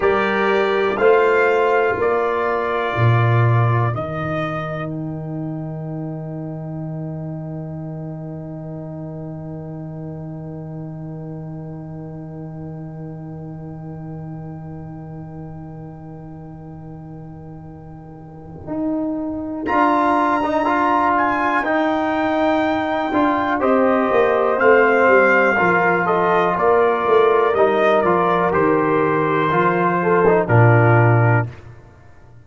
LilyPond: <<
  \new Staff \with { instrumentName = "trumpet" } { \time 4/4 \tempo 4 = 61 d''4 f''4 d''2 | dis''4 g''2.~ | g''1~ | g''1~ |
g''1 | ais''4. gis''8 g''2 | dis''4 f''4. dis''8 d''4 | dis''8 d''8 c''2 ais'4 | }
  \new Staff \with { instrumentName = "horn" } { \time 4/4 ais'4 c''4 ais'2~ | ais'1~ | ais'1~ | ais'1~ |
ais'1~ | ais'1 | c''2 ais'8 a'8 ais'4~ | ais'2~ ais'8 a'8 f'4 | }
  \new Staff \with { instrumentName = "trombone" } { \time 4/4 g'4 f'2. | dis'1~ | dis'1~ | dis'1~ |
dis'1 | f'8. dis'16 f'4 dis'4. f'8 | g'4 c'4 f'2 | dis'8 f'8 g'4 f'8. dis'16 d'4 | }
  \new Staff \with { instrumentName = "tuba" } { \time 4/4 g4 a4 ais4 ais,4 | dis1~ | dis1~ | dis1~ |
dis2. dis'4 | d'2 dis'4. d'8 | c'8 ais8 a8 g8 f4 ais8 a8 | g8 f8 dis4 f4 ais,4 | }
>>